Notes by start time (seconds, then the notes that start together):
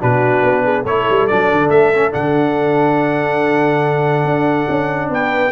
0.00 B2 D4 F#4 B4
0.43 B3
0.64 G#4
0.84 A3 E4 A4 C#5
1.09 G3
1.27 F#3 D4 D5
1.52 D3
1.69 A3 E5
1.94 C#4
2.11 D3 D4 F#5
4.24 D4
4.69 C#4
5.10 B3 B4 G5